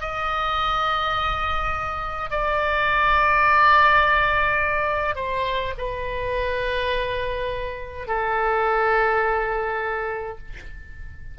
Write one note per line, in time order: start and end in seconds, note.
0.00 2.30 D#5
2.30 5.15 D5
5.15 5.73 C5
5.77 8.07 B4
8.07 10.38 A4